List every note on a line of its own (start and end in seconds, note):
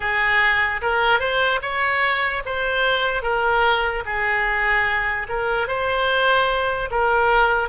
0.00 0.81 G#4
0.81 1.19 A#4
1.19 1.60 C5
1.61 2.43 C#5
2.45 3.22 C5
3.22 4.03 A#4
4.05 5.27 G#4
5.28 5.68 A#4
5.68 6.89 C5
6.90 7.68 A#4